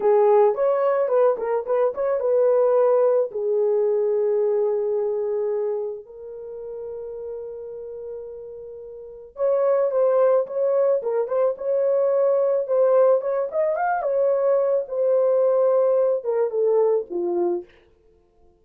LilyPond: \new Staff \with { instrumentName = "horn" } { \time 4/4 \tempo 4 = 109 gis'4 cis''4 b'8 ais'8 b'8 cis''8 | b'2 gis'2~ | gis'2. ais'4~ | ais'1~ |
ais'4 cis''4 c''4 cis''4 | ais'8 c''8 cis''2 c''4 | cis''8 dis''8 f''8 cis''4. c''4~ | c''4. ais'8 a'4 f'4 | }